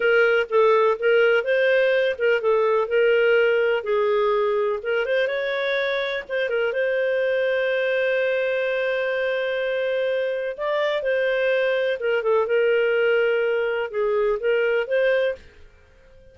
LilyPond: \new Staff \with { instrumentName = "clarinet" } { \time 4/4 \tempo 4 = 125 ais'4 a'4 ais'4 c''4~ | c''8 ais'8 a'4 ais'2 | gis'2 ais'8 c''8 cis''4~ | cis''4 c''8 ais'8 c''2~ |
c''1~ | c''2 d''4 c''4~ | c''4 ais'8 a'8 ais'2~ | ais'4 gis'4 ais'4 c''4 | }